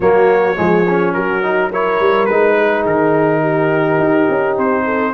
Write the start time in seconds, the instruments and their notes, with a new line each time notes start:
0.00 tuba F#3, trombone A#3, horn F#4, trumpet C#5
0.56 tuba F3, trombone G#3, horn G#4
0.89 trombone C#4
1.13 tuba F#3, horn F#4, trumpet A#4
1.42 trombone D#4
1.69 trombone E4, horn A#4, trumpet C#5
1.99 tuba G3
2.25 tuba G#3, trombone D#4, trumpet B4
2.57 horn G#4
2.85 tuba D#3, trumpet A#4
3.41 horn G4
3.98 tuba D#4
4.29 tuba C#4
4.57 tuba C4, trumpet C5
4.84 horn A4